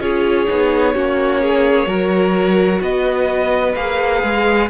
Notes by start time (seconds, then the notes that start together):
0.00 C#4 F4 G#4 C#5
0.48 B3 D#4
0.94 A#3 C#4 F#4
1.42 G#4
1.86 F#3 F#4 A#4
2.81 B3 B4 D#5
3.75 A#3 G#4 F5
4.23 G#3